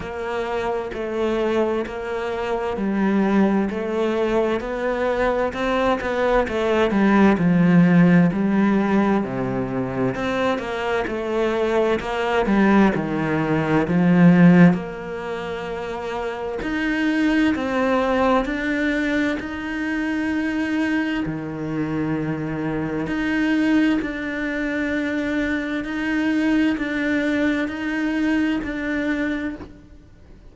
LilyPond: \new Staff \with { instrumentName = "cello" } { \time 4/4 \tempo 4 = 65 ais4 a4 ais4 g4 | a4 b4 c'8 b8 a8 g8 | f4 g4 c4 c'8 ais8 | a4 ais8 g8 dis4 f4 |
ais2 dis'4 c'4 | d'4 dis'2 dis4~ | dis4 dis'4 d'2 | dis'4 d'4 dis'4 d'4 | }